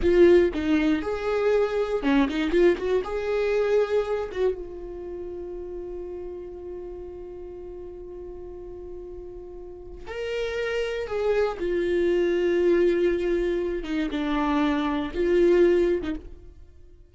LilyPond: \new Staff \with { instrumentName = "viola" } { \time 4/4 \tempo 4 = 119 f'4 dis'4 gis'2 | cis'8 dis'8 f'8 fis'8 gis'2~ | gis'8 fis'8 f'2.~ | f'1~ |
f'1 | ais'2 gis'4 f'4~ | f'2.~ f'8 dis'8 | d'2 f'4.~ f'16 dis'16 | }